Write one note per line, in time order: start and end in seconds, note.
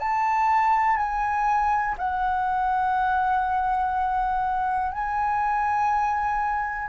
0.00 0.97 A5
0.97 1.95 G#5
1.99 4.92 F#5
4.92 6.89 G#5